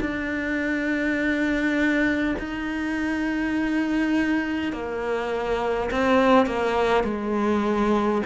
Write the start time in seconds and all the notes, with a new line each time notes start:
0.00 D4
2.39 D#4
4.72 A#3
5.91 C4
6.46 A#3
7.04 G#3